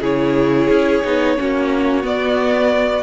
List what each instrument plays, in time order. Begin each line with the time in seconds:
0.00 cello C#3, viola E4, violin G#4 C#5
0.69 cello C#4
1.04 cello B3, viola D#4
1.37 cello A#3, viola C#4, violin F#4
2.02 viola B3, cello B3, violin D5